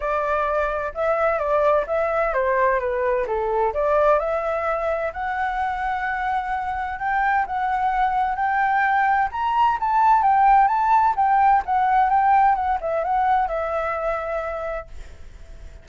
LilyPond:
\new Staff \with { instrumentName = "flute" } { \time 4/4 \tempo 4 = 129 d''2 e''4 d''4 | e''4 c''4 b'4 a'4 | d''4 e''2 fis''4~ | fis''2. g''4 |
fis''2 g''2 | ais''4 a''4 g''4 a''4 | g''4 fis''4 g''4 fis''8 e''8 | fis''4 e''2. | }